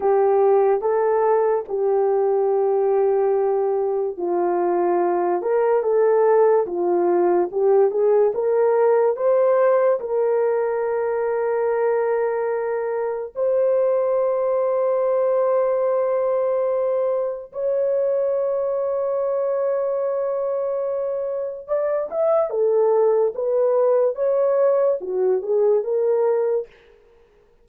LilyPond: \new Staff \with { instrumentName = "horn" } { \time 4/4 \tempo 4 = 72 g'4 a'4 g'2~ | g'4 f'4. ais'8 a'4 | f'4 g'8 gis'8 ais'4 c''4 | ais'1 |
c''1~ | c''4 cis''2.~ | cis''2 d''8 e''8 a'4 | b'4 cis''4 fis'8 gis'8 ais'4 | }